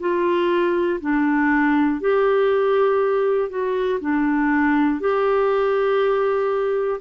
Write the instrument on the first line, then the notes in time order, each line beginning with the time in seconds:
clarinet
0.00 F4
1.00 D4
2.00 G4
3.50 F#4
4.00 D4
5.00 G4